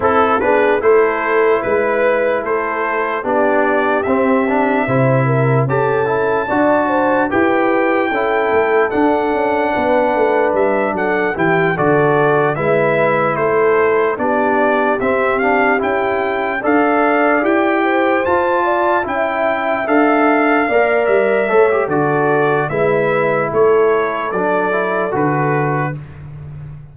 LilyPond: <<
  \new Staff \with { instrumentName = "trumpet" } { \time 4/4 \tempo 4 = 74 a'8 b'8 c''4 b'4 c''4 | d''4 e''2 a''4~ | a''4 g''2 fis''4~ | fis''4 e''8 fis''8 g''8 d''4 e''8~ |
e''8 c''4 d''4 e''8 f''8 g''8~ | g''8 f''4 g''4 a''4 g''8~ | g''8 f''4. e''4 d''4 | e''4 cis''4 d''4 b'4 | }
  \new Staff \with { instrumentName = "horn" } { \time 4/4 a'8 gis'8 a'4 b'4 a'4 | g'2 c''8 ais'8 a'4 | d''8 c''8 b'4 a'2 | b'4. a'8 g'8 a'4 b'8~ |
b'8 a'4 g'2~ g'8~ | g'8 d''4. c''4 d''8 e''8~ | e''4. d''4 cis''8 a'4 | b'4 a'2. | }
  \new Staff \with { instrumentName = "trombone" } { \time 4/4 e'8 d'8 e'2. | d'4 c'8 d'8 e'4 g'8 e'8 | fis'4 g'4 e'4 d'4~ | d'2 e'8 fis'4 e'8~ |
e'4. d'4 c'8 d'8 e'8~ | e'8 a'4 g'4 f'4 e'8~ | e'8 a'4 ais'4 a'16 g'16 fis'4 | e'2 d'8 e'8 fis'4 | }
  \new Staff \with { instrumentName = "tuba" } { \time 4/4 c'8 b8 a4 gis4 a4 | b4 c'4 c4 cis'4 | d'4 e'4 cis'8 a8 d'8 cis'8 | b8 a8 g8 fis8 e8 d4 gis8~ |
gis8 a4 b4 c'4 cis'8~ | cis'8 d'4 e'4 f'4 cis'8~ | cis'8 d'4 ais8 g8 a8 d4 | gis4 a4 fis4 d4 | }
>>